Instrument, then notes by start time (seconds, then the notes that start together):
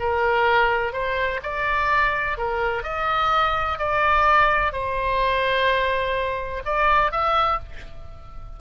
oboe
0.00 A#4
0.93 C5
1.43 D5
2.38 A#4
2.84 D#5
3.79 D5
4.73 C5
6.65 D5
7.12 E5